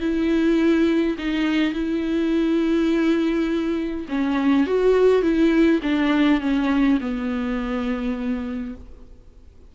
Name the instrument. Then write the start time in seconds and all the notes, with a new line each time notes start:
viola
0.00 E4
1.18 D#4
1.73 E4
4.09 C#4
4.66 F#4
5.22 E4
5.82 D4
6.40 C#4
7.00 B3